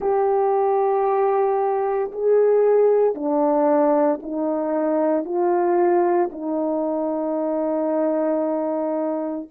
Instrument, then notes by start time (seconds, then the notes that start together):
horn
0.00 G4
2.11 G#4
3.14 D4
4.22 D#4
5.24 F4
6.32 D#4